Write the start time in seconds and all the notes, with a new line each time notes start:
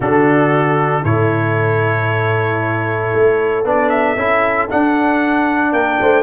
0.00 D3 D4 F#4 A4
1.03 A2 E4 A4 C#5
3.13 A3
3.63 B3 D4 D5
3.89 E5
4.16 C#4 E4
4.69 D4 F#5
5.72 A#3 A#4 G5
5.99 A3 C5